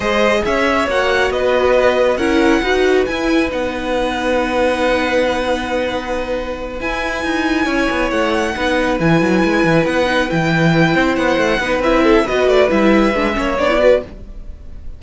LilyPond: <<
  \new Staff \with { instrumentName = "violin" } { \time 4/4 \tempo 4 = 137 dis''4 e''4 fis''4 dis''4~ | dis''4 fis''2 gis''4 | fis''1~ | fis''2.~ fis''8 gis''8~ |
gis''2~ gis''8 fis''4.~ | fis''8 gis''2 fis''4 g''8~ | g''4. fis''4. e''4 | dis''8 d''8 e''2 d''4 | }
  \new Staff \with { instrumentName = "violin" } { \time 4/4 c''4 cis''2 b'4~ | b'4 ais'4 b'2~ | b'1~ | b'1~ |
b'4. cis''2 b'8~ | b'1~ | b'4 c''4. b'4 a'8 | b'2~ b'8 cis''4 b'8 | }
  \new Staff \with { instrumentName = "viola" } { \time 4/4 gis'2 fis'2~ | fis'4 e'4 fis'4 e'4 | dis'1~ | dis'2.~ dis'8 e'8~ |
e'2.~ e'8 dis'8~ | dis'8 e'2~ e'8 dis'8 e'8~ | e'2~ e'8 dis'8 e'4 | fis'4 e'4 d'8 cis'8 d'16 e'16 fis'8 | }
  \new Staff \with { instrumentName = "cello" } { \time 4/4 gis4 cis'4 ais4 b4~ | b4 cis'4 dis'4 e'4 | b1~ | b2.~ b8 e'8~ |
e'8 dis'4 cis'8 b8 a4 b8~ | b8 e8 fis8 gis8 e8 b4 e8~ | e4 c'8 b8 a8 b8 c'4 | b8 a8 g4 gis8 ais8 b4 | }
>>